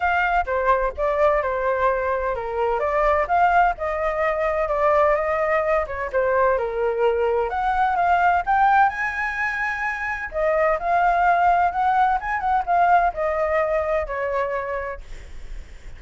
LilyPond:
\new Staff \with { instrumentName = "flute" } { \time 4/4 \tempo 4 = 128 f''4 c''4 d''4 c''4~ | c''4 ais'4 d''4 f''4 | dis''2 d''4 dis''4~ | dis''8 cis''8 c''4 ais'2 |
fis''4 f''4 g''4 gis''4~ | gis''2 dis''4 f''4~ | f''4 fis''4 gis''8 fis''8 f''4 | dis''2 cis''2 | }